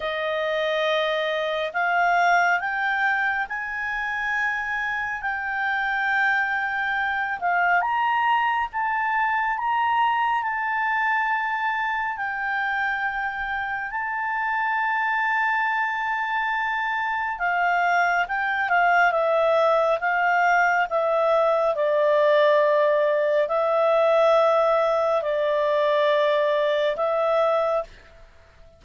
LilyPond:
\new Staff \with { instrumentName = "clarinet" } { \time 4/4 \tempo 4 = 69 dis''2 f''4 g''4 | gis''2 g''2~ | g''8 f''8 ais''4 a''4 ais''4 | a''2 g''2 |
a''1 | f''4 g''8 f''8 e''4 f''4 | e''4 d''2 e''4~ | e''4 d''2 e''4 | }